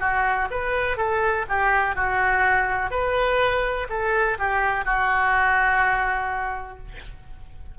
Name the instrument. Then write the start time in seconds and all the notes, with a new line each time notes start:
oboe
0.00 F#4
0.51 B4
0.97 A4
1.49 G4
1.95 F#4
2.91 B4
3.89 A4
4.39 G4
4.85 F#4